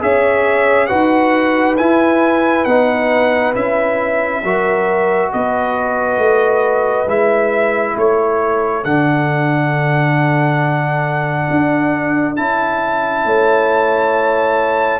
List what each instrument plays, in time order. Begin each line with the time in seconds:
0.00 tuba C#4, trombone G#4, horn C#5, trumpet E5
0.87 tuba D#4, trombone F#4, horn B4, trumpet F#5
1.77 trombone E4, tuba E4, trumpet G#5
2.65 tuba B3, trombone D#4, trumpet F#5
3.55 tuba C#4, trombone E4, trumpet E5
4.43 tuba F#3, trombone F#4, horn A#4
5.32 tuba B3, horn B4, trumpet D#5
6.17 tuba A3
7.06 tuba G#3, trombone E4, trumpet E5
7.96 tuba A3, horn A4, trumpet C#5
8.84 tuba D3, trombone D4, trumpet F#5
11.50 tuba D4
12.36 tuba C#4, trombone E4, trumpet A5
13.25 tuba A3, horn C#5